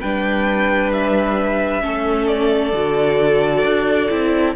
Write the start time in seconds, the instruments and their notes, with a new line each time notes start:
0.00 cello G3, viola D4, violin B4 G5
0.92 violin E5
1.80 cello A3, viola C#4, violin A4
2.27 violin D5
2.73 cello D3, viola F#4
3.63 cello D4
4.09 cello C4, viola E4